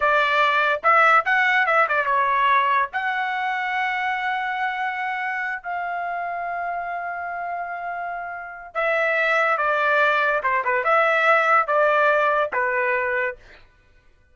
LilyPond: \new Staff \with { instrumentName = "trumpet" } { \time 4/4 \tempo 4 = 144 d''2 e''4 fis''4 | e''8 d''8 cis''2 fis''4~ | fis''1~ | fis''4. f''2~ f''8~ |
f''1~ | f''4 e''2 d''4~ | d''4 c''8 b'8 e''2 | d''2 b'2 | }